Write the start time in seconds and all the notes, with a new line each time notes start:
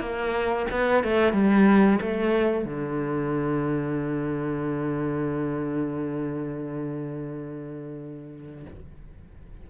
0.00 A#3
0.71 B3
1.04 A3
1.33 G3
2.01 A3
2.65 D3